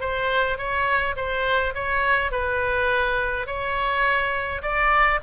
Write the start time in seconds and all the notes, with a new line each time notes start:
0.00 C5
0.57 C#5
1.16 C5
1.74 C#5
2.31 B4
3.46 C#5
4.62 D5